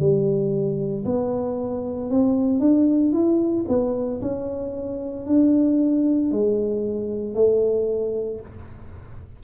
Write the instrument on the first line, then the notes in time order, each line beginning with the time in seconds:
tuba
0.00 G3
1.05 B3
2.11 C4
2.60 D4
3.13 E4
3.68 B3
4.22 C#4
5.26 D4
6.32 G#3
7.35 A3